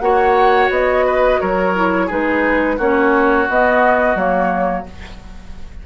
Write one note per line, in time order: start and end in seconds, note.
0.00 0.69 A#3
0.00 1.73 F#4
0.00 1.06 C#5
0.00 0.69 F#5
0.70 1.39 B3
0.70 1.40 D#5
1.06 1.40 B4
1.40 2.10 F#3
1.40 2.06 A#4
1.40 2.09 C#5
1.75 2.09 E4
2.06 2.78 G#3
2.06 2.78 D#4
2.06 2.75 G#4
2.06 2.80 B4
2.78 3.47 A#3
2.78 3.48 C#4
2.78 4.84 F#4
2.78 3.49 C#5
3.49 4.15 B3
3.49 4.16 B3
3.49 4.17 D#5
4.15 4.84 F#3
4.15 4.85 A#3
4.15 4.86 C#5